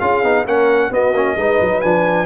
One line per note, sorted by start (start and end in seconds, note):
0.00 0.24 C#4
0.00 0.24 F4
0.00 0.44 G#4
0.00 0.45 F5
0.24 0.45 B3
0.24 0.46 D#4
0.44 0.90 A#3
0.44 0.91 C#4
0.44 0.90 A#4
0.44 0.93 F#5
0.91 1.13 B3
0.91 1.14 B3
0.91 1.37 F#4
0.91 1.82 D#5
1.13 1.35 A#3
1.13 1.38 C#4
1.36 1.59 G#3
1.36 1.83 D#4
1.36 2.27 B4
1.61 1.83 F#3
1.82 2.27 F3
1.82 2.27 D4
1.82 2.27 G#5